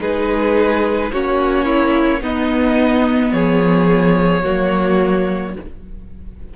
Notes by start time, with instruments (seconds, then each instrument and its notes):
0.00 cello G#3, viola D#4, violin G#4 B4
1.12 cello A#3, viola C#4, violin F#4 C#5
1.66 violin E4
2.22 cello B3, viola B3, violin D#4 D#5
3.33 cello F3, violin G#4 C#5
4.43 cello F#3, viola A#3, violin F#4